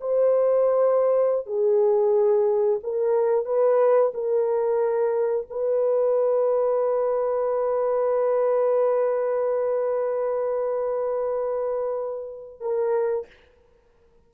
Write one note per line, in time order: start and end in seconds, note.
0.00 1.46 C5
1.46 2.79 G#4
2.83 3.45 A#4
3.45 4.12 B4
4.14 5.47 A#4
5.50 12.60 B4
12.60 13.27 A#4